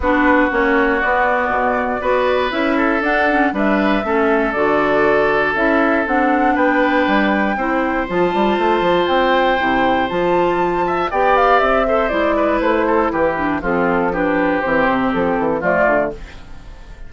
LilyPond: <<
  \new Staff \with { instrumentName = "flute" } { \time 4/4 \tempo 4 = 119 b'4 cis''4 d''2~ | d''4 e''4 fis''4 e''4~ | e''4 d''2 e''4 | fis''4 g''2. |
a''2 g''2 | a''2 g''8 f''8 e''4 | d''4 c''4 b'4 a'4 | b'4 c''4 a'4 d''4 | }
  \new Staff \with { instrumentName = "oboe" } { \time 4/4 fis'1 | b'4. a'4. b'4 | a'1~ | a'4 b'2 c''4~ |
c''1~ | c''4. e''8 d''4. c''8~ | c''8 b'4 a'8 g'4 f'4 | g'2. f'4 | }
  \new Staff \with { instrumentName = "clarinet" } { \time 4/4 d'4 cis'4 b2 | fis'4 e'4 d'8 cis'8 d'4 | cis'4 fis'2 e'4 | d'2. e'4 |
f'2. e'4 | f'2 g'4. a'8 | e'2~ e'8 d'8 c'4 | d'4 c'2 a4 | }
  \new Staff \with { instrumentName = "bassoon" } { \time 4/4 b4 ais4 b4 b,4 | b4 cis'4 d'4 g4 | a4 d2 cis'4 | c'4 b4 g4 c'4 |
f8 g8 a8 f8 c'4 c4 | f2 b4 c'4 | gis4 a4 e4 f4~ | f4 e8 c8 f8 e8 f8 d8 | }
>>